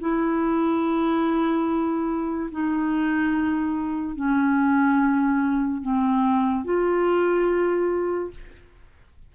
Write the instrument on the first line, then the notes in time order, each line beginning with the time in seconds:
clarinet
0.00 E4
2.52 D#4
4.16 C#4
5.82 C4
6.64 F4